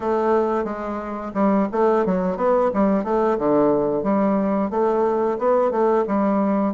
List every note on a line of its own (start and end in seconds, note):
0.00 0.64 A3
0.64 1.31 G#3
1.34 1.67 G3
1.72 2.05 A3
2.05 2.37 F#3
2.37 2.70 B3
2.73 3.04 G3
3.04 3.37 A3
3.38 4.03 D3
4.03 4.70 G3
4.70 5.37 A3
5.38 5.71 B3
5.71 6.04 A3
6.07 6.74 G3